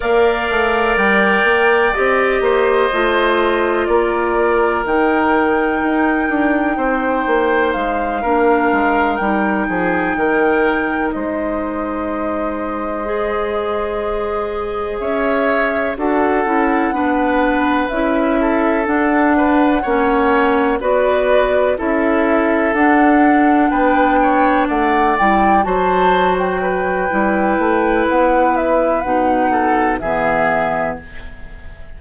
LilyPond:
<<
  \new Staff \with { instrumentName = "flute" } { \time 4/4 \tempo 4 = 62 f''4 g''4 dis''2 | d''4 g''2. | f''4. g''2 dis''8~ | dis''2.~ dis''8 e''8~ |
e''8 fis''2 e''4 fis''8~ | fis''4. d''4 e''4 fis''8~ | fis''8 g''4 fis''8 g''8 a''8. g''8.~ | g''4 fis''8 e''8 fis''4 e''4 | }
  \new Staff \with { instrumentName = "oboe" } { \time 4/4 d''2~ d''8 c''4. | ais'2. c''4~ | c''8 ais'4. gis'8 ais'4 c''8~ | c''2.~ c''8 cis''8~ |
cis''8 a'4 b'4. a'4 | b'8 cis''4 b'4 a'4.~ | a'8 b'8 cis''8 d''4 c''4 b'8~ | b'2~ b'8 a'8 gis'4 | }
  \new Staff \with { instrumentName = "clarinet" } { \time 4/4 ais'2 g'4 f'4~ | f'4 dis'2.~ | dis'8 d'4 dis'2~ dis'8~ | dis'4. gis'2~ gis'8~ |
gis'8 fis'8 e'8 d'4 e'4 d'8~ | d'8 cis'4 fis'4 e'4 d'8~ | d'2 e'8 fis'4. | e'2 dis'4 b4 | }
  \new Staff \with { instrumentName = "bassoon" } { \time 4/4 ais8 a8 g8 ais8 c'8 ais8 a4 | ais4 dis4 dis'8 d'8 c'8 ais8 | gis8 ais8 gis8 g8 f8 dis4 gis8~ | gis2.~ gis8 cis'8~ |
cis'8 d'8 cis'8 b4 cis'4 d'8~ | d'8 ais4 b4 cis'4 d'8~ | d'8 b4 a8 g8 fis4. | g8 a8 b4 b,4 e4 | }
>>